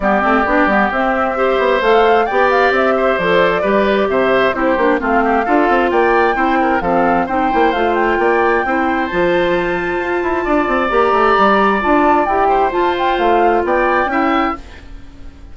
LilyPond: <<
  \new Staff \with { instrumentName = "flute" } { \time 4/4 \tempo 4 = 132 d''2 e''2 | f''4 g''8 f''8 e''4 d''4~ | d''4 e''4 c''4 f''4~ | f''4 g''2 f''4 |
g''4 f''8 g''2~ g''8 | a''1 | ais''2 a''4 g''4 | a''8 g''8 f''4 g''2 | }
  \new Staff \with { instrumentName = "oboe" } { \time 4/4 g'2. c''4~ | c''4 d''4. c''4. | b'4 c''4 g'4 f'8 g'8 | a'4 d''4 c''8 ais'8 a'4 |
c''2 d''4 c''4~ | c''2. d''4~ | d''2.~ d''8 c''8~ | c''2 d''4 e''4 | }
  \new Staff \with { instrumentName = "clarinet" } { \time 4/4 b8 c'8 d'8 b8 c'4 g'4 | a'4 g'2 a'4 | g'2 e'8 d'8 c'4 | f'2 e'4 c'4 |
dis'8 e'8 f'2 e'4 | f'1 | g'2 f'4 g'4 | f'2. e'4 | }
  \new Staff \with { instrumentName = "bassoon" } { \time 4/4 g8 a8 b8 g8 c'4. b8 | a4 b4 c'4 f4 | g4 c4 c'8 ais8 a4 | d'8 c'8 ais4 c'4 f4 |
c'8 ais8 a4 ais4 c'4 | f2 f'8 e'8 d'8 c'8 | ais8 a8 g4 d'4 e'4 | f'4 a4 b4 cis'4 | }
>>